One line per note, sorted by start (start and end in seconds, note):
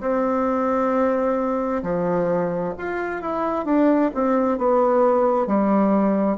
0.00 1.82 C4
1.82 2.73 F3
2.78 3.21 F4
3.21 3.65 E4
3.65 4.10 D4
4.14 4.57 C4
4.57 5.46 B3
5.46 6.37 G3